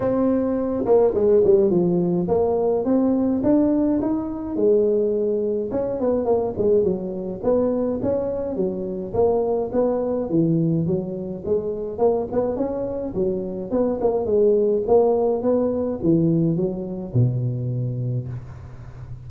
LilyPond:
\new Staff \with { instrumentName = "tuba" } { \time 4/4 \tempo 4 = 105 c'4. ais8 gis8 g8 f4 | ais4 c'4 d'4 dis'4 | gis2 cis'8 b8 ais8 gis8 | fis4 b4 cis'4 fis4 |
ais4 b4 e4 fis4 | gis4 ais8 b8 cis'4 fis4 | b8 ais8 gis4 ais4 b4 | e4 fis4 b,2 | }